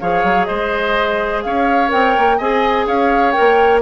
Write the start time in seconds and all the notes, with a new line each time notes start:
0.00 F3 G#4 C#5 F5
0.24 F#3
0.45 G#3 C5 D#5
1.42 C#4 C#5 F5
1.88 C4 A#4 G5
2.18 A#3
2.38 C4 G#4 D#5 G#5
2.87 C#4 C#5 F5
3.32 A#4 G5
3.40 A#3